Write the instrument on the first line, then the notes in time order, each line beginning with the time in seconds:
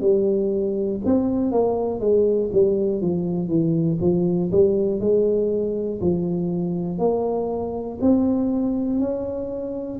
tuba
0.00 G3
1.05 C4
1.51 A#3
2.00 G#3
2.52 G3
3.00 F3
3.47 E3
4.00 F3
4.51 G3
5.00 G#3
6.00 F3
6.98 A#3
8.00 C4
9.00 C#4